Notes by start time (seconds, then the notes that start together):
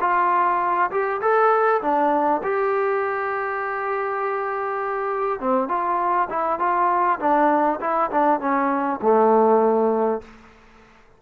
0.00 F4
0.91 G4
1.21 A4
1.81 D4
2.43 G4
5.40 C4
5.68 F4
6.29 E4
6.59 F4
7.19 D4
7.80 E4
8.11 D4
8.39 C#4
9.01 A3